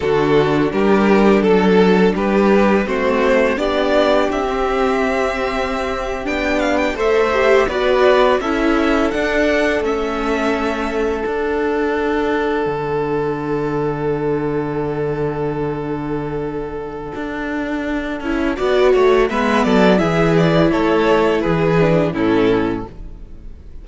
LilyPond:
<<
  \new Staff \with { instrumentName = "violin" } { \time 4/4 \tempo 4 = 84 a'4 ais'4 a'4 b'4 | c''4 d''4 e''2~ | e''8. g''8 f''16 g''16 e''4 d''4 e''16~ | e''8. fis''4 e''2 fis''16~ |
fis''1~ | fis''1~ | fis''2. e''8 d''8 | e''8 d''8 cis''4 b'4 a'4 | }
  \new Staff \with { instrumentName = "violin" } { \time 4/4 fis'4 g'4 a'4 g'4 | fis'4 g'2.~ | g'4.~ g'16 c''4 b'4 a'16~ | a'1~ |
a'1~ | a'1~ | a'2 d''8 cis''8 b'8 a'8 | gis'4 a'4 gis'4 e'4 | }
  \new Staff \with { instrumentName = "viola" } { \time 4/4 d'1 | c'4 d'4~ d'16 c'4.~ c'16~ | c'8. d'4 a'8 g'8 fis'4 e'16~ | e'8. d'4 cis'2 d'16~ |
d'1~ | d'1~ | d'4. e'8 fis'4 b4 | e'2~ e'8 d'8 cis'4 | }
  \new Staff \with { instrumentName = "cello" } { \time 4/4 d4 g4 fis4 g4 | a4 b4 c'2~ | c'8. b4 a4 b4 cis'16~ | cis'8. d'4 a2 d'16~ |
d'4.~ d'16 d2~ d16~ | d1 | d'4. cis'8 b8 a8 gis8 fis8 | e4 a4 e4 a,4 | }
>>